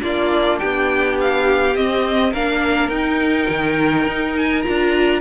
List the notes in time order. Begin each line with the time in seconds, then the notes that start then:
0.00 A#3 D4 F4 D5
0.59 B3 G4 G5
1.20 F5
1.75 C4 D#5
2.31 A#3 D4 A#4 F5
2.89 D#4 G5
3.49 D#3
4.06 D#4
4.37 G#5
4.62 F4 A#5
4.68 D4